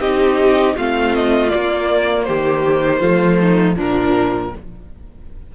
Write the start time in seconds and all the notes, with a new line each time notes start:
0.00 C4 D#4 G4 D#5
0.76 A3 C4 F4 F5
1.14 D#5
1.49 A#3 D5
2.23 D#3 G4 C5
3.00 F3 A3 F4
3.40 D#4
3.76 A#2 F3 D4 A#4